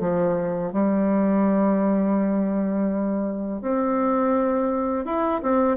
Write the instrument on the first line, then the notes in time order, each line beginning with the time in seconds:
bassoon
0.00 F3
0.72 G3
3.62 C4
5.05 E4
5.42 C4